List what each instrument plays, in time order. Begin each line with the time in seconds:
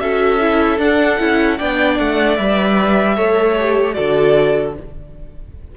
0.00 cello C#4, viola F#4, violin A4 E5
0.40 viola E4
0.78 cello D4, viola D4, violin F#5
1.19 cello C#4, viola E4
1.58 cello B3, viola D4, violin D5 G5
1.99 cello A3, violin F#5
2.37 cello G3, viola B4, violin E5
3.16 cello A3, viola A4, violin C#5
3.60 viola G4
3.94 cello D3, viola F#4, violin A4 D5